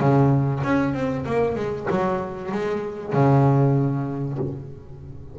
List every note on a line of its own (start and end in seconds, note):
0.00 0.62 C#3
0.64 0.94 C#4
0.94 1.26 C4
1.26 1.56 A#3
1.56 1.87 G#3
1.91 2.52 F#3
2.52 3.13 G#3
3.13 4.38 C#3